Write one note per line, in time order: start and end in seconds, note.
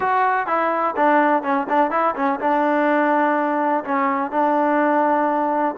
0.00 0.46 F#4
0.46 0.94 E4
0.96 1.42 D4
1.42 1.66 C#4
1.69 1.90 D4
1.90 2.14 E4
2.15 2.39 C#4
2.40 3.84 D4
3.84 4.31 C#4
4.31 5.75 D4